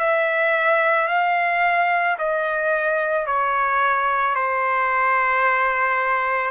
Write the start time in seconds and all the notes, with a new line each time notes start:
0.00 E5
1.09 F5
2.19 D#5
3.27 C#5
4.35 C5